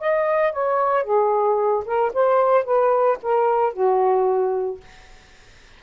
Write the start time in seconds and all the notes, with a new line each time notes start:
0.00 D#5
0.52 C#5
1.04 G#4
1.85 A#4
2.14 C5
2.64 B4
3.22 A#4
3.73 F#4